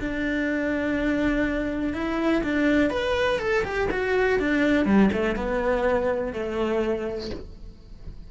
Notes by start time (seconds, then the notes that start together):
0.00 D4
1.94 E4
2.44 D4
2.90 B4
3.39 A4
3.64 G4
3.91 F#4
4.39 D4
4.85 G3
5.13 A3
5.36 B3
6.33 A3